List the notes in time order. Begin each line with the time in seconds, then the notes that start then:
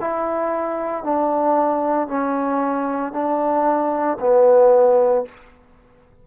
0.00 E4
1.03 D4
2.07 C#4
3.12 D4
4.20 B3